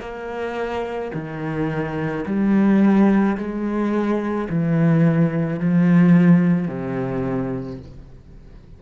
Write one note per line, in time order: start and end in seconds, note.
0.00 1.11 A#3
1.14 2.25 D#3
2.26 3.37 G3
3.37 4.48 G#3
4.49 5.60 E3
5.60 6.68 F3
6.68 7.79 C3